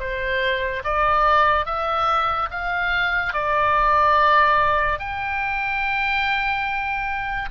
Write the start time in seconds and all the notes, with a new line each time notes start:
0.00 C5
0.84 D5
1.66 E5
2.51 F5
3.33 D5
5.00 G5